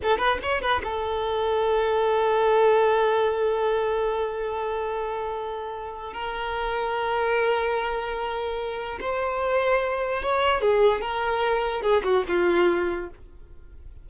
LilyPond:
\new Staff \with { instrumentName = "violin" } { \time 4/4 \tempo 4 = 147 a'8 b'8 cis''8 b'8 a'2~ | a'1~ | a'1~ | a'2. ais'4~ |
ais'1~ | ais'2 c''2~ | c''4 cis''4 gis'4 ais'4~ | ais'4 gis'8 fis'8 f'2 | }